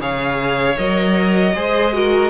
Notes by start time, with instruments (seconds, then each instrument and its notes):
0.00 cello C#3, viola G#4, violin C#5 F5
0.77 cello F#3, viola A#4, violin D#5
1.55 cello G#3, viola G#4, violin C5
1.94 viola F#4, violin A#4